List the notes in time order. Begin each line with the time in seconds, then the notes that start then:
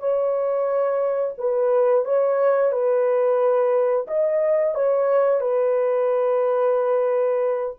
0.00 C#5
1.38 B4
2.05 C#5
2.72 B4
4.08 D#5
4.75 C#5
5.41 B4